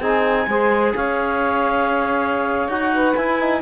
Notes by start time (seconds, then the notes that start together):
0.00 C4 D#4 G#4 G#5
0.47 G#3 G#4 C5
0.95 C#4 C#5 F5
2.68 D#4 F#4 F#5
2.93 B4
3.15 E4 G#5
3.40 D#4